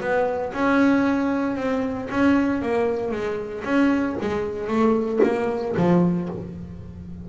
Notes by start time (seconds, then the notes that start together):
0.00 B3
0.53 C#4
1.56 C4
2.10 C#4
2.62 A#3
3.11 G#3
3.64 C#4
4.21 G#3
4.67 A3
5.23 A#3
5.77 F3